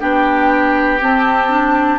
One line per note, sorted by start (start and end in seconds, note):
0.00 1.01 B3
0.00 1.00 D4
0.00 1.99 G4
0.00 1.01 G5
1.01 1.49 C4
1.01 1.99 C4
1.01 1.99 A5
1.49 1.99 D4